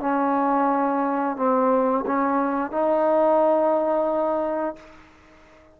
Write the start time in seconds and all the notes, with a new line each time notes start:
0.00 C#4
1.36 C4
2.06 C#4
2.71 D#4